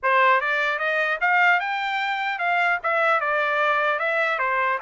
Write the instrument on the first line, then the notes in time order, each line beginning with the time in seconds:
trumpet
0.02 C5
0.40 D5
0.78 D#5
1.20 F5
1.59 G5
2.39 F5
2.83 E5
3.20 D5
3.99 E5
4.38 C5